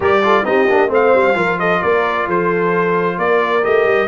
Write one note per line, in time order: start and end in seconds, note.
0.00 0.44 G3
0.00 0.22 G4
0.00 0.23 A#4
0.00 0.45 D5
0.22 0.44 F4
0.22 0.46 A4
0.44 0.67 C4
0.44 0.67 D#4
0.44 0.91 G4
0.44 0.90 D#5
0.69 0.90 A#3
0.69 0.88 D4
0.88 1.12 A3
0.88 1.33 C4
0.88 1.36 C5
0.88 1.59 F5
1.14 1.35 G3
1.34 1.80 F3
1.34 3.62 F4
1.34 1.59 A#4
1.59 1.80 A4
1.59 1.82 D#5
1.80 2.27 A#3
1.80 2.26 A#4
1.80 2.27 D5
2.26 3.18 F3
2.26 3.17 A4
2.26 3.18 C5
3.18 3.63 A#3
3.18 4.08 A#4
3.18 3.64 D5
3.63 3.84 A3
3.63 4.08 G4
3.63 4.08 D#5
3.84 4.07 G3